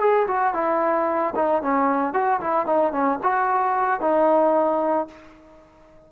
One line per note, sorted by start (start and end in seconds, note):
0.00 0.27 G#4
0.28 0.54 F#4
0.54 1.34 E4
1.36 1.62 D#4
1.62 2.14 C#4
2.14 2.40 F#4
2.41 2.66 E4
2.66 2.93 D#4
2.93 3.19 C#4
3.23 4.01 F#4
4.01 5.08 D#4